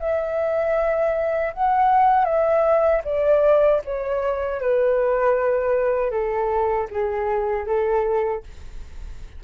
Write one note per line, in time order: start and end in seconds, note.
0.00 1.54 E5
1.54 2.25 F#5
2.25 3.02 E5
3.05 3.82 D5
3.85 4.61 C#5
4.61 6.11 B4
6.11 6.88 A4
6.91 7.67 G#4
7.67 8.44 A4